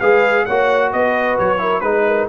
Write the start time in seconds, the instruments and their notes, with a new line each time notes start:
0.00 tuba G#3, trombone G#4, horn B4, trumpet F5
0.45 tuba A#3, trombone F#4, horn C#5, trumpet F#5
0.93 tuba B3, horn B4, trumpet D#5
1.39 tuba F#3, trumpet C#5
1.59 trombone E4, horn A#4
1.81 tuba G#3, trombone D#4, trumpet B4, horn B4
2.07 horn A#4